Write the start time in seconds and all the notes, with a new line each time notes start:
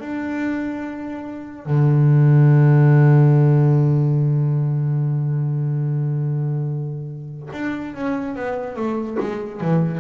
0.00 D4
1.66 D3
7.53 D4
7.95 C#4
8.36 B3
8.76 A3
9.20 G#3
9.61 E3